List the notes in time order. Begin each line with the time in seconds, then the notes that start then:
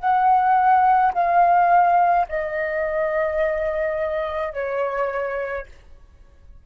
0.00 F#5
1.14 F5
2.29 D#5
4.53 C#5